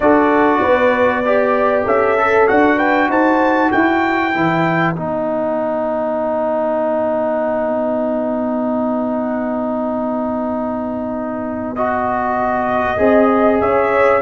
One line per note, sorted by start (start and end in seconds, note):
0.00 0.61 D4
0.00 1.24 F#4
0.00 0.61 A4
0.00 1.83 D5
0.61 1.85 B3
0.61 1.23 B4
1.25 2.17 G4
1.25 1.84 D5
1.84 2.47 C#4
1.84 2.77 A4
1.84 2.47 E5
2.18 2.47 A4
2.47 3.08 D4
2.47 4.33 F#4
2.47 2.78 F#5
2.77 3.08 B4
2.77 3.09 G5
3.08 3.70 D#4
3.08 3.71 C5
3.08 3.71 A5
3.71 4.35 E4
3.71 12.99 B4
3.71 4.94 G5
4.34 4.96 E3
4.34 4.95 E4
4.94 12.99 B3
4.94 11.76 D#4
4.94 11.75 F#5
11.75 12.97 F#4
11.75 13.60 D#5
12.97 13.61 C4
12.97 14.21 G#4
12.97 13.61 D#5
13.60 14.21 C#4
13.60 14.21 C#5
13.60 14.21 E5